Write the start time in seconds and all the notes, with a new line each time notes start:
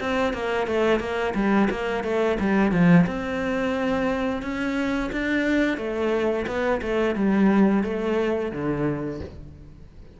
0.00 C4
0.33 A#3
0.67 A3
0.99 A#3
1.34 G3
1.70 A#3
2.03 A3
2.39 G3
2.71 F3
3.06 C4
4.42 C#4
5.12 D4
5.77 A3
6.46 B3
6.82 A3
7.15 G3
7.83 A3
8.52 D3